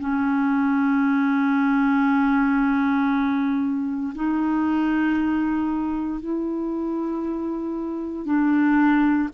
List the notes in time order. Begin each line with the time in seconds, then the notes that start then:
0.00 C#4
4.15 D#4
6.21 E4
8.26 D4